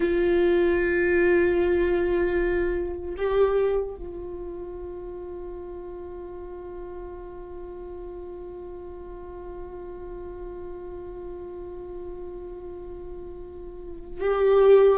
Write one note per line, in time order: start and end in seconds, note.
0.00 3.15 F4
3.17 3.95 G4
3.95 14.20 F4
14.20 14.98 G4